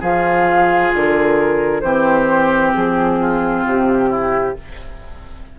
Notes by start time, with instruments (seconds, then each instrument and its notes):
0.00 bassoon F3, clarinet F4, oboe G#4, flute F5
0.94 bassoon D3, flute A#4
1.81 bassoon E3, clarinet C4, oboe G4, flute C5
2.74 bassoon F3, flute G#4
3.20 oboe F4
3.65 bassoon C3, flute G4
4.10 oboe E4